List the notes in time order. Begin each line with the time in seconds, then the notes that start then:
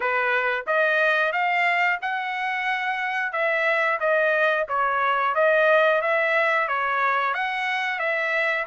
0.00 B4
0.66 D#5
1.32 F5
2.01 F#5
3.32 E5
4.00 D#5
4.68 C#5
5.35 D#5
6.01 E5
6.68 C#5
7.34 F#5
7.98 E5